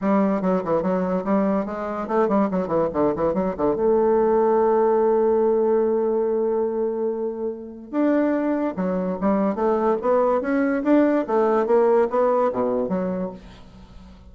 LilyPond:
\new Staff \with { instrumentName = "bassoon" } { \time 4/4 \tempo 4 = 144 g4 fis8 e8 fis4 g4 | gis4 a8 g8 fis8 e8 d8 e8 | fis8 d8 a2.~ | a1~ |
a2. d'4~ | d'4 fis4 g4 a4 | b4 cis'4 d'4 a4 | ais4 b4 b,4 fis4 | }